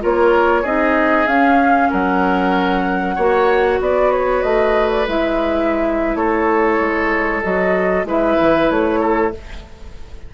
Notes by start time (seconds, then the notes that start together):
0.00 A#3 F4 A#4 C#5
0.62 C4 D#4 G#4 D#5
1.26 C#4 F5
1.90 F#3 A#4 F#5
3.15 A#3 F#4 C#5
3.80 B3 B4 D5
4.11 C#5
4.42 A3 D#5
4.91 D5
5.07 G#3 E4 E5
6.14 A3 A4 C#5
6.79 G#3
7.42 F#3 F#4 D#5
8.04 G#3 E4 B4 E5
8.41 E3
8.70 A3 C#5
9.00 A4